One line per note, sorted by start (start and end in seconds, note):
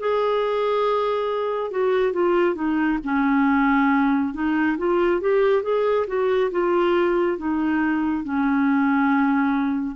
0.00 1.71 G#4
1.71 2.13 F#4
2.13 2.55 F4
2.55 2.99 D#4
3.04 4.34 C#4
4.34 4.77 D#4
4.78 5.21 F4
5.21 5.63 G4
5.63 6.07 G#4
6.08 6.51 F#4
6.52 7.38 F4
7.38 8.25 D#4
8.25 9.96 C#4